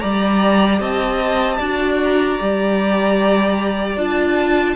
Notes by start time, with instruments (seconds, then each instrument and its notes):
0.00 cello G3, viola G4, violin D5 A#5
0.80 cello C4, violin D#5 A5
1.58 cello D4, viola F#4, violin D5
2.04 violin A#5
2.39 cello G3, viola G4
3.97 cello D4, viola F4, violin A5